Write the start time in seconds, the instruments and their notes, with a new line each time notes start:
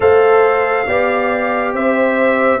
0.00 tuba A3, trombone A4, horn C5, trumpet F5
0.86 tuba B3, trombone G4, horn D5
1.72 tuba C4, horn C5, trumpet E5